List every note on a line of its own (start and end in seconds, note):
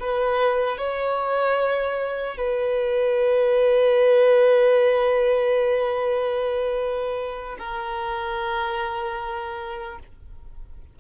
0.00 0.78 B4
0.78 2.37 C#5
2.37 7.57 B4
7.59 9.99 A#4